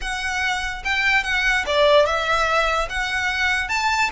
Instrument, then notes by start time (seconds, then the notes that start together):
violin
0.01 F#5
0.84 G5
1.23 F#5
1.66 D5
2.06 E5
2.89 F#5
3.69 A5